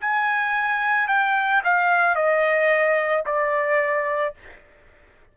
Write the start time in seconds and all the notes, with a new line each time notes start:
0.00 G#5
1.07 G5
1.64 F5
2.15 D#5
3.25 D5